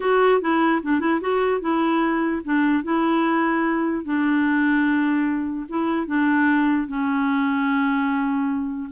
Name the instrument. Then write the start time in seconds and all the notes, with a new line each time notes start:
clarinet
0.00 F#4
0.41 E4
0.82 D4
1.00 E4
1.20 F#4
1.61 E4
2.44 D4
2.83 E4
4.04 D4
5.68 E4
6.06 D4
6.87 C#4